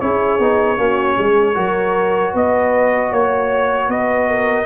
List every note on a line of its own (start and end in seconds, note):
0.00 0.39 C#4
0.00 0.39 E4
0.00 0.78 G#4
0.00 2.34 C#5
0.39 0.77 B3
0.39 0.77 D#4
0.77 1.16 A#3
0.77 1.54 C#4
0.77 1.17 F#4
1.17 1.56 G#3
1.17 1.54 G#4
1.54 2.34 F#3
1.54 4.66 F#4
1.54 2.32 A#4
2.32 3.12 B3
2.32 3.10 B4
2.32 3.13 D#5
3.10 3.88 A#3
3.10 3.88 C#5
3.10 3.90 C#5
3.88 4.66 B3
3.88 4.28 B4
3.88 4.66 D#5
4.28 4.66 A#4